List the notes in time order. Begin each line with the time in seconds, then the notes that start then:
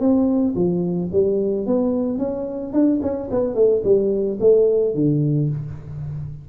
0.00 C4
0.56 F3
1.12 G3
1.66 B3
2.19 C#4
2.73 D4
3.02 C#4
3.31 B3
3.55 A3
3.84 G3
4.40 A3
4.95 D3